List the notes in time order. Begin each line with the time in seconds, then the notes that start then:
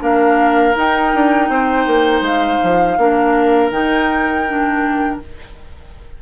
0.00 A#3 D4 A#4 F5
0.76 D#4 G5
1.14 D4
1.49 C4 C5
1.87 A#3
2.21 G#3 F5
2.63 F3
2.98 A#3 D4 A#4
3.71 D#3 D#4 G5
4.48 D4